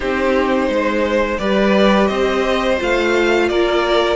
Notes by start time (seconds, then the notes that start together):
0.00 C4 D#4 G4 C5
0.69 G#3 C5
1.38 G3 G4 B4 D5
2.07 C4 C5 D#5
2.78 A3 F4 F5
3.48 A#3 A#4 D5